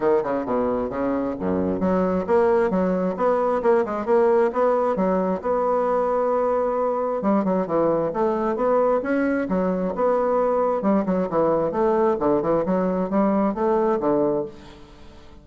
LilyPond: \new Staff \with { instrumentName = "bassoon" } { \time 4/4 \tempo 4 = 133 dis8 cis8 b,4 cis4 fis,4 | fis4 ais4 fis4 b4 | ais8 gis8 ais4 b4 fis4 | b1 |
g8 fis8 e4 a4 b4 | cis'4 fis4 b2 | g8 fis8 e4 a4 d8 e8 | fis4 g4 a4 d4 | }